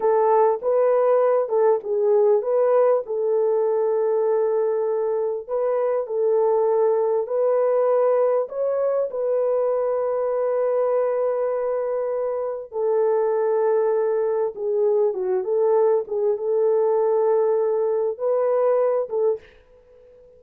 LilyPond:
\new Staff \with { instrumentName = "horn" } { \time 4/4 \tempo 4 = 99 a'4 b'4. a'8 gis'4 | b'4 a'2.~ | a'4 b'4 a'2 | b'2 cis''4 b'4~ |
b'1~ | b'4 a'2. | gis'4 fis'8 a'4 gis'8 a'4~ | a'2 b'4. a'8 | }